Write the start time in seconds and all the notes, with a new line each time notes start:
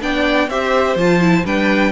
0.00 B3 D4 D5 G5
0.48 C4 G4 C5 E5
0.95 F3 F4 A5
1.20 E4
1.45 G3 D4 B4 G5